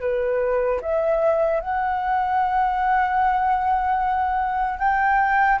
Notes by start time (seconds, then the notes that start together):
0.00 B4
0.81 E5
1.60 F#5
4.78 G5